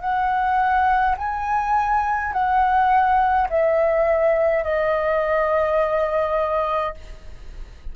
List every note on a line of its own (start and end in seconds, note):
0.00 1.15 F#5
1.17 2.32 G#5
2.32 3.48 F#5
3.49 4.63 E5
4.63 6.94 D#5